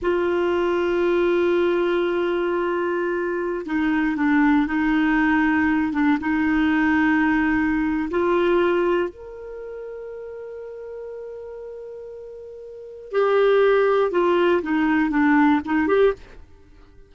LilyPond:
\new Staff \with { instrumentName = "clarinet" } { \time 4/4 \tempo 4 = 119 f'1~ | f'2.~ f'16 dis'8.~ | dis'16 d'4 dis'2~ dis'8 d'16~ | d'16 dis'2.~ dis'8. |
f'2 ais'2~ | ais'1~ | ais'2 g'2 | f'4 dis'4 d'4 dis'8 g'8 | }